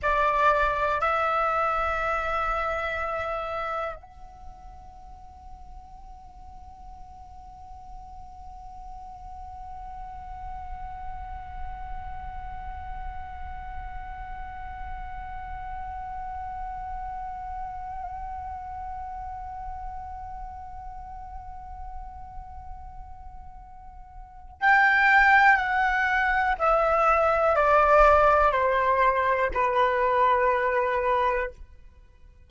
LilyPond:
\new Staff \with { instrumentName = "flute" } { \time 4/4 \tempo 4 = 61 d''4 e''2. | fis''1~ | fis''1~ | fis''1~ |
fis''1~ | fis''1~ | fis''4 g''4 fis''4 e''4 | d''4 c''4 b'2 | }